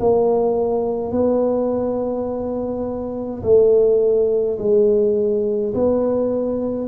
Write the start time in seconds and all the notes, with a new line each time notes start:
0.00 A#3
1.12 B3
3.43 A3
4.58 G#3
5.74 B3